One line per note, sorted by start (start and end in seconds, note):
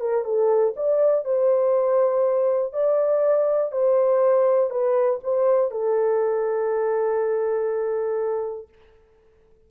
0.00 0.24 A#4
0.24 0.74 A4
0.76 1.24 D5
1.24 2.73 C5
2.73 3.71 D5
3.71 4.70 C5
4.70 5.20 B4
5.23 5.70 C5
5.70 8.68 A4